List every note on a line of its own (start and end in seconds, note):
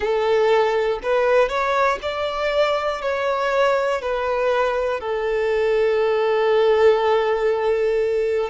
0.00 0.99 A4
1.03 1.49 B4
1.49 1.99 C#5
2.01 3.01 D5
3.01 4.01 C#5
4.01 5.00 B4
5.00 8.49 A4